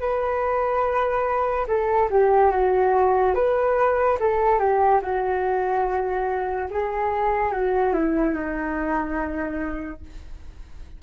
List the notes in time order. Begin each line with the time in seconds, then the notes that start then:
0.00 B4
1.68 A4
2.11 G4
2.52 F#4
3.35 B4
4.20 A4
4.59 G4
5.02 F#4
6.71 G#4
7.52 F#4
7.94 E4
8.35 D#4